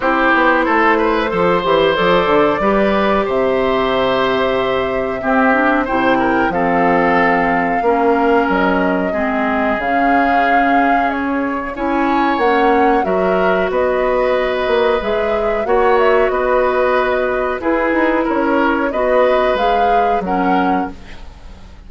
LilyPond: <<
  \new Staff \with { instrumentName = "flute" } { \time 4/4 \tempo 4 = 92 c''2. d''4~ | d''4 e''2.~ | e''4 g''4 f''2~ | f''4 dis''2 f''4~ |
f''4 cis''4 gis''4 fis''4 | e''4 dis''2 e''4 | fis''8 e''8 dis''2 b'4 | cis''4 dis''4 f''4 fis''4 | }
  \new Staff \with { instrumentName = "oboe" } { \time 4/4 g'4 a'8 b'8 c''2 | b'4 c''2. | g'4 c''8 ais'8 a'2 | ais'2 gis'2~ |
gis'2 cis''2 | ais'4 b'2. | cis''4 b'2 gis'4 | ais'4 b'2 ais'4 | }
  \new Staff \with { instrumentName = "clarinet" } { \time 4/4 e'2 a'8 g'8 a'4 | g'1 | c'8 d'8 e'4 c'2 | cis'2 c'4 cis'4~ |
cis'2 e'4 cis'4 | fis'2. gis'4 | fis'2. e'4~ | e'4 fis'4 gis'4 cis'4 | }
  \new Staff \with { instrumentName = "bassoon" } { \time 4/4 c'8 b8 a4 f8 e8 f8 d8 | g4 c2. | c'4 c4 f2 | ais4 fis4 gis4 cis4~ |
cis2 cis'4 ais4 | fis4 b4. ais8 gis4 | ais4 b2 e'8 dis'8 | cis'4 b4 gis4 fis4 | }
>>